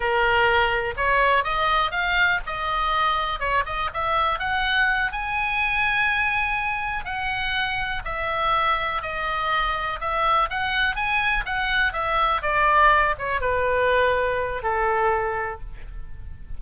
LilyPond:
\new Staff \with { instrumentName = "oboe" } { \time 4/4 \tempo 4 = 123 ais'2 cis''4 dis''4 | f''4 dis''2 cis''8 dis''8 | e''4 fis''4. gis''4.~ | gis''2~ gis''8 fis''4.~ |
fis''8 e''2 dis''4.~ | dis''8 e''4 fis''4 gis''4 fis''8~ | fis''8 e''4 d''4. cis''8 b'8~ | b'2 a'2 | }